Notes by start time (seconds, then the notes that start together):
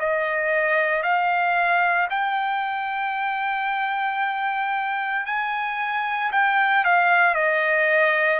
0.00 D#5
1.03 F5
2.10 G5
5.26 G#5
6.32 G5
6.84 F5
7.34 D#5